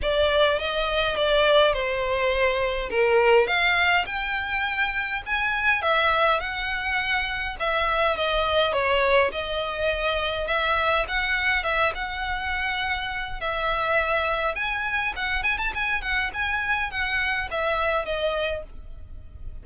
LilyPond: \new Staff \with { instrumentName = "violin" } { \time 4/4 \tempo 4 = 103 d''4 dis''4 d''4 c''4~ | c''4 ais'4 f''4 g''4~ | g''4 gis''4 e''4 fis''4~ | fis''4 e''4 dis''4 cis''4 |
dis''2 e''4 fis''4 | e''8 fis''2~ fis''8 e''4~ | e''4 gis''4 fis''8 gis''16 a''16 gis''8 fis''8 | gis''4 fis''4 e''4 dis''4 | }